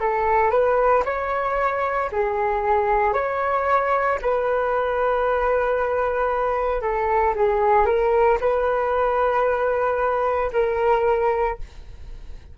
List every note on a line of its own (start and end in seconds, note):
0.00 0.51 A4
0.51 1.03 B4
1.05 2.11 C#5
2.12 3.13 G#4
3.13 4.19 C#5
4.22 6.82 B4
6.82 7.34 A4
7.35 7.86 G#4
7.86 8.38 A#4
8.41 10.51 B4
10.53 11.58 A#4